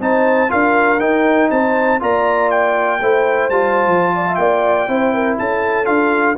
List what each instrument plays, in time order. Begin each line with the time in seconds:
0.00 tuba C4, trombone D#4, horn C5, trumpet A5
0.48 tuba D4, trombone F4, horn A#4, trumpet F5
0.99 tuba D#4, trombone D#4, trumpet G5
1.50 tuba C4, horn C5, trumpet A5
1.99 tuba A#3, trombone F4, horn D5, trumpet A#5
2.50 trumpet G5
3.01 tuba A3, trombone E4, horn C5
3.50 tuba G3, trombone F4, trumpet A5
3.87 tuba F3
4.15 horn D5
4.28 horn E5
4.35 tuba A#3, horn D5, trumpet G5
4.87 tuba C4, trombone E4, horn C5
5.14 horn A#4
5.38 tuba C#4, horn A4, trumpet A5
5.85 tuba D4, trombone F4, trumpet F5